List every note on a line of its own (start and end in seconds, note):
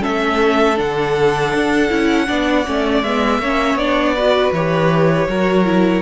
0.00 0.75 C#4
0.00 2.26 A4
0.00 0.79 E5
0.06 0.80 A3
0.76 1.55 D3
0.76 1.88 D4
0.76 3.03 F#5
1.55 1.91 D4
1.90 2.29 C#4
1.90 2.27 E4
2.27 2.67 B3
2.27 2.65 D4
2.27 3.41 D5
2.66 3.03 A3
2.66 3.04 C#4
3.03 3.39 G#3
3.03 3.43 B3
3.03 3.78 E5
3.39 3.75 A#3
3.39 3.80 C#4
3.39 4.16 C#5
3.75 4.50 B3
3.75 4.17 D4
3.75 4.53 D5
4.16 4.56 F#4
4.16 5.28 B4
4.53 5.28 E3
4.53 5.29 G4
4.53 6.03 C#5
5.28 6.03 F#3
5.28 5.66 F#4
5.28 6.03 A#4
5.66 6.03 E4